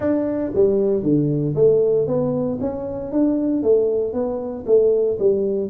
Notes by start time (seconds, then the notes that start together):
0.00 D4
0.54 G3
1.03 D3
1.55 A3
2.07 B3
2.60 C#4
3.12 D4
3.62 A3
4.13 B3
4.66 A3
5.19 G3